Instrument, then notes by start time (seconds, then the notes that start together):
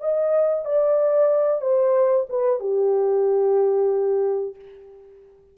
horn
0.00 D#5
0.65 D5
1.61 C5
2.29 B4
2.60 G4